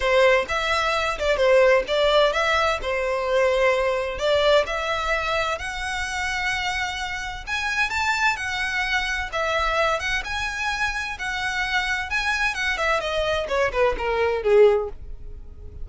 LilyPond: \new Staff \with { instrumentName = "violin" } { \time 4/4 \tempo 4 = 129 c''4 e''4. d''8 c''4 | d''4 e''4 c''2~ | c''4 d''4 e''2 | fis''1 |
gis''4 a''4 fis''2 | e''4. fis''8 gis''2 | fis''2 gis''4 fis''8 e''8 | dis''4 cis''8 b'8 ais'4 gis'4 | }